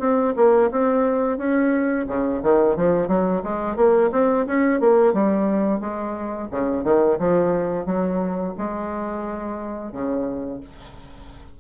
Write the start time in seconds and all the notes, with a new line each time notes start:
0.00 C4
0.36 A#3
0.71 C4
1.38 C#4
2.07 C#3
2.43 D#3
2.76 F3
3.08 F#3
3.43 G#3
3.76 A#3
4.12 C4
4.47 C#4
4.80 A#3
5.14 G3
5.80 G#3
6.51 C#3
6.84 D#3
7.19 F3
7.86 F#3
8.58 G#3
9.92 C#3